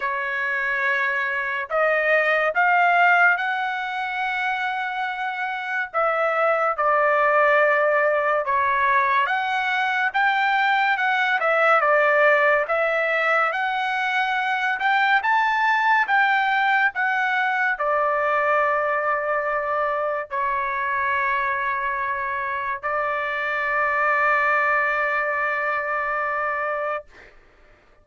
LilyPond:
\new Staff \with { instrumentName = "trumpet" } { \time 4/4 \tempo 4 = 71 cis''2 dis''4 f''4 | fis''2. e''4 | d''2 cis''4 fis''4 | g''4 fis''8 e''8 d''4 e''4 |
fis''4. g''8 a''4 g''4 | fis''4 d''2. | cis''2. d''4~ | d''1 | }